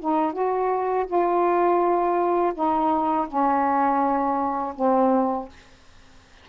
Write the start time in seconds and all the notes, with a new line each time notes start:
0.00 D#4
0.33 F#4
1.07 F4
2.54 D#4
3.28 C#4
4.76 C4